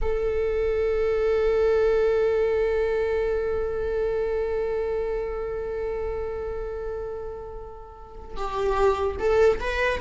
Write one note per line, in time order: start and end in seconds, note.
0.01 8.36 A4
8.36 9.16 G4
9.19 9.59 A4
9.60 10.00 B4